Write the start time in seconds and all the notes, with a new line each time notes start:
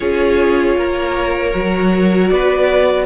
0.00 C#4 F4 G#4 C#5
0.76 A#3 A#4
1.53 F#3 F#4
2.28 B3 B4 D5